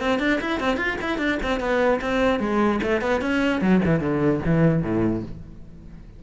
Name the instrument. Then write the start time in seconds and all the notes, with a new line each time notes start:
cello
0.00 C4
0.19 D4
0.41 E4
0.60 C4
0.77 F4
1.01 E4
1.18 D4
1.43 C4
1.60 B3
2.01 C4
2.40 G#3
2.83 A3
3.01 B3
3.21 C#4
3.61 F#3
3.85 E3
4.00 D3
4.46 E3
4.83 A2